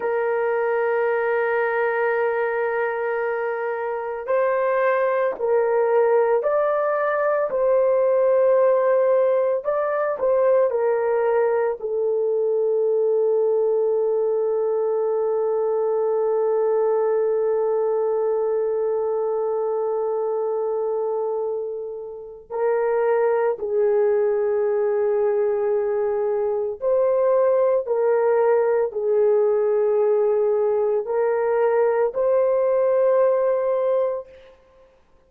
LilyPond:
\new Staff \with { instrumentName = "horn" } { \time 4/4 \tempo 4 = 56 ais'1 | c''4 ais'4 d''4 c''4~ | c''4 d''8 c''8 ais'4 a'4~ | a'1~ |
a'1~ | a'4 ais'4 gis'2~ | gis'4 c''4 ais'4 gis'4~ | gis'4 ais'4 c''2 | }